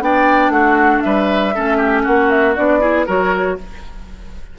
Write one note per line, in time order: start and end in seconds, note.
0.00 0.49 B3
0.00 1.53 D4
0.00 0.53 D5
0.00 0.51 G5
0.49 1.00 A3
0.49 1.03 F#4
0.49 1.01 F#5
1.01 1.56 G3
1.01 1.55 B4
1.01 2.03 E5
1.55 2.06 A3
1.55 2.56 C#4
1.55 1.77 A4
1.77 2.03 G4
2.03 2.57 A#3
2.03 2.79 F#4
2.03 2.30 F#5
2.30 2.56 E5
2.56 3.08 B3
2.56 2.81 D4
2.56 3.06 D5
2.81 3.06 E4
2.81 3.06 G#4
3.06 3.59 F#3
3.06 3.58 F#4
3.06 3.57 A#4
3.06 3.58 C#5